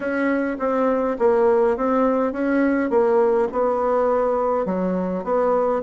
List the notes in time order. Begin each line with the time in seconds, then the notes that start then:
0.00 C#4
0.59 C4
1.18 A#3
1.76 C4
2.32 C#4
2.89 A#3
3.52 B3
4.65 F#3
5.23 B3